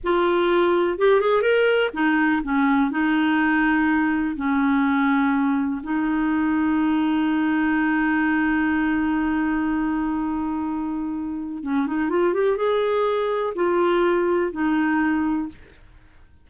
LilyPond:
\new Staff \with { instrumentName = "clarinet" } { \time 4/4 \tempo 4 = 124 f'2 g'8 gis'8 ais'4 | dis'4 cis'4 dis'2~ | dis'4 cis'2. | dis'1~ |
dis'1~ | dis'1 | cis'8 dis'8 f'8 g'8 gis'2 | f'2 dis'2 | }